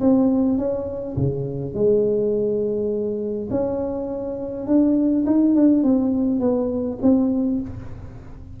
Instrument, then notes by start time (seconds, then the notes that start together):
tuba
0.00 C4
0.57 C#4
1.16 C#3
1.74 G#3
3.50 C#4
4.67 D4
5.26 D#4
5.55 D4
5.83 C4
6.40 B3
7.02 C4